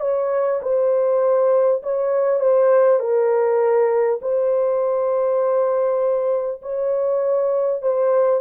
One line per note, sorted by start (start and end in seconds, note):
0.00 0.60 C#5
0.62 1.82 C5
1.83 2.40 C#5
2.40 2.99 C5
2.99 4.19 A#4
4.21 6.61 C5
6.62 7.82 C#5
7.82 8.41 C5